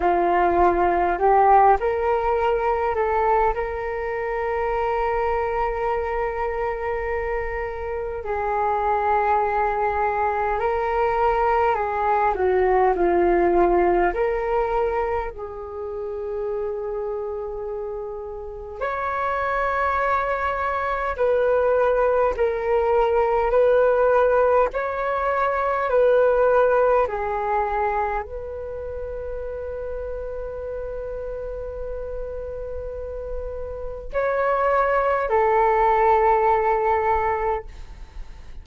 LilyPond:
\new Staff \with { instrumentName = "flute" } { \time 4/4 \tempo 4 = 51 f'4 g'8 ais'4 a'8 ais'4~ | ais'2. gis'4~ | gis'4 ais'4 gis'8 fis'8 f'4 | ais'4 gis'2. |
cis''2 b'4 ais'4 | b'4 cis''4 b'4 gis'4 | b'1~ | b'4 cis''4 a'2 | }